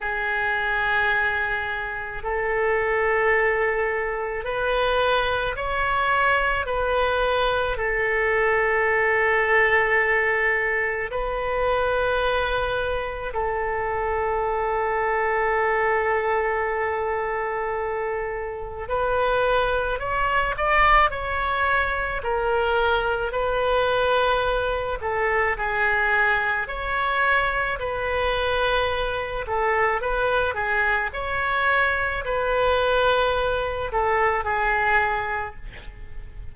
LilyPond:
\new Staff \with { instrumentName = "oboe" } { \time 4/4 \tempo 4 = 54 gis'2 a'2 | b'4 cis''4 b'4 a'4~ | a'2 b'2 | a'1~ |
a'4 b'4 cis''8 d''8 cis''4 | ais'4 b'4. a'8 gis'4 | cis''4 b'4. a'8 b'8 gis'8 | cis''4 b'4. a'8 gis'4 | }